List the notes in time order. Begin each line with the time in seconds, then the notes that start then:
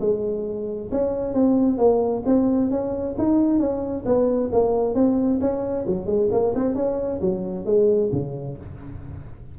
0.00 G#3
0.91 C#4
1.34 C4
1.78 A#3
2.25 C4
2.70 C#4
3.18 D#4
3.59 C#4
4.05 B3
4.52 A#3
4.94 C4
5.40 C#4
5.87 F#3
6.06 G#3
6.31 A#3
6.55 C4
6.75 C#4
7.21 F#3
7.65 G#3
8.12 C#3